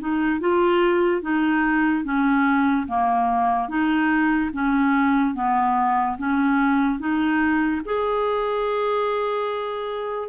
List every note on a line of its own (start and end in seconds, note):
0.00 0.40 D#4
0.40 1.22 F4
1.22 2.04 D#4
2.04 2.87 C#4
2.87 3.69 A#3
3.69 4.51 D#4
4.53 5.35 C#4
5.35 6.17 B3
6.18 6.99 C#4
6.99 7.82 D#4
7.85 10.29 G#4